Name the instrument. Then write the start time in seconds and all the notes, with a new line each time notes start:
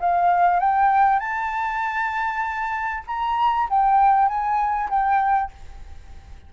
flute
0.00 F5
0.60 G5
1.20 A5
3.08 A#5
3.70 G5
4.29 G#5
4.90 G5